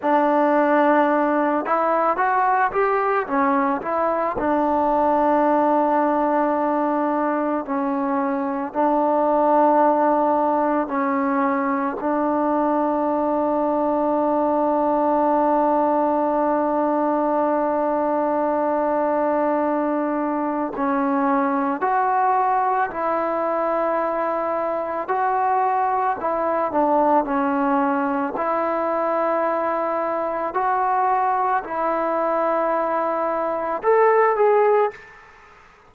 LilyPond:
\new Staff \with { instrumentName = "trombone" } { \time 4/4 \tempo 4 = 55 d'4. e'8 fis'8 g'8 cis'8 e'8 | d'2. cis'4 | d'2 cis'4 d'4~ | d'1~ |
d'2. cis'4 | fis'4 e'2 fis'4 | e'8 d'8 cis'4 e'2 | fis'4 e'2 a'8 gis'8 | }